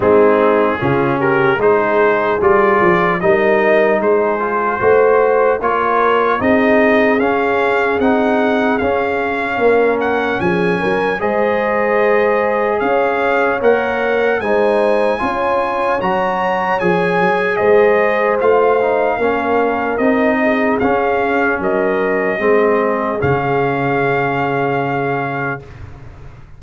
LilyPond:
<<
  \new Staff \with { instrumentName = "trumpet" } { \time 4/4 \tempo 4 = 75 gis'4. ais'8 c''4 d''4 | dis''4 c''2 cis''4 | dis''4 f''4 fis''4 f''4~ | f''8 fis''8 gis''4 dis''2 |
f''4 fis''4 gis''2 | ais''4 gis''4 dis''4 f''4~ | f''4 dis''4 f''4 dis''4~ | dis''4 f''2. | }
  \new Staff \with { instrumentName = "horn" } { \time 4/4 dis'4 f'8 g'8 gis'2 | ais'4 gis'4 c''4 ais'4 | gis'1 | ais'4 gis'8 ais'8 c''2 |
cis''2 c''4 cis''4~ | cis''2 c''2 | ais'4. gis'4. ais'4 | gis'1 | }
  \new Staff \with { instrumentName = "trombone" } { \time 4/4 c'4 cis'4 dis'4 f'4 | dis'4. f'8 fis'4 f'4 | dis'4 cis'4 dis'4 cis'4~ | cis'2 gis'2~ |
gis'4 ais'4 dis'4 f'4 | fis'4 gis'2 f'8 dis'8 | cis'4 dis'4 cis'2 | c'4 cis'2. | }
  \new Staff \with { instrumentName = "tuba" } { \time 4/4 gis4 cis4 gis4 g8 f8 | g4 gis4 a4 ais4 | c'4 cis'4 c'4 cis'4 | ais4 f8 fis8 gis2 |
cis'4 ais4 gis4 cis'4 | fis4 f8 fis8 gis4 a4 | ais4 c'4 cis'4 fis4 | gis4 cis2. | }
>>